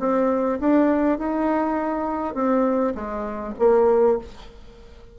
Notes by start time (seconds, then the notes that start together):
0.00 C4
0.60 D4
1.19 D#4
2.35 C4
2.95 G#3
3.59 A#3